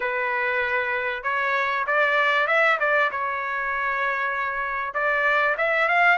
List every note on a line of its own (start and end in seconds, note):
0.00 1.23 B4
1.23 1.85 C#5
1.86 2.47 D5
2.47 2.78 E5
2.79 3.10 D5
3.11 4.93 C#5
4.93 5.55 D5
5.57 5.88 E5
5.88 6.17 F5